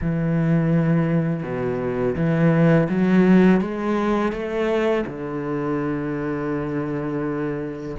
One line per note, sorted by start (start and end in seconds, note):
0.01 1.43 E3
1.43 2.15 B2
2.15 2.88 E3
2.89 3.60 F#3
3.60 4.32 G#3
4.32 5.04 A3
5.06 7.95 D3